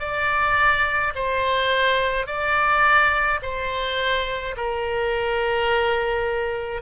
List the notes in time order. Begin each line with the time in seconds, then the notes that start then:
0.00 D5
1.15 C5
2.27 D5
3.43 C5
4.57 A#4